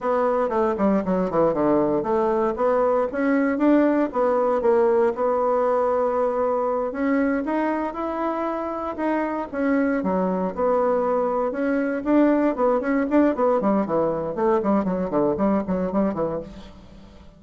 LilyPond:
\new Staff \with { instrumentName = "bassoon" } { \time 4/4 \tempo 4 = 117 b4 a8 g8 fis8 e8 d4 | a4 b4 cis'4 d'4 | b4 ais4 b2~ | b4. cis'4 dis'4 e'8~ |
e'4. dis'4 cis'4 fis8~ | fis8 b2 cis'4 d'8~ | d'8 b8 cis'8 d'8 b8 g8 e4 | a8 g8 fis8 d8 g8 fis8 g8 e8 | }